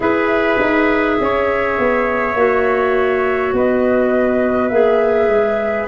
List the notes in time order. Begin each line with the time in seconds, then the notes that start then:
0.00 E4 G#4 B4 E5
0.60 D#4
1.20 C#4 C#5
1.78 B3
2.34 A#3 F#4
3.52 B3 B4 D#5
4.68 A#3 G#4 E5
5.28 G#3